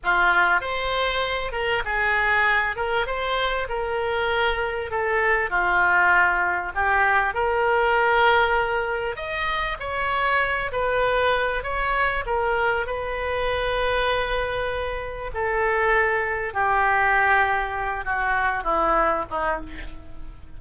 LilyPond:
\new Staff \with { instrumentName = "oboe" } { \time 4/4 \tempo 4 = 98 f'4 c''4. ais'8 gis'4~ | gis'8 ais'8 c''4 ais'2 | a'4 f'2 g'4 | ais'2. dis''4 |
cis''4. b'4. cis''4 | ais'4 b'2.~ | b'4 a'2 g'4~ | g'4. fis'4 e'4 dis'8 | }